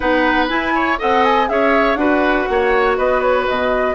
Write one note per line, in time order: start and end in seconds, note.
0.00 0.50 B3
0.00 0.48 D#4
0.00 0.73 B4
0.00 0.47 F#5
0.48 0.98 E4
0.48 0.99 E4
0.48 0.98 G#5
0.74 0.98 C#5
0.98 1.49 C4
0.98 1.47 A4
0.98 1.48 D#5
0.98 1.24 F#5
1.24 1.48 G#5
1.47 1.95 C#4
1.47 1.97 G#4
1.47 1.99 C#5
1.47 1.95 E5
1.95 2.45 D4
1.95 3.95 F#4
1.95 2.49 B4
1.95 2.94 F#5
2.49 2.98 A#3
2.49 2.97 C#5
2.97 3.48 B3
2.97 3.95 B4
2.97 3.21 D#5
3.21 3.45 C#5
3.47 3.95 B2
3.47 3.95 D#5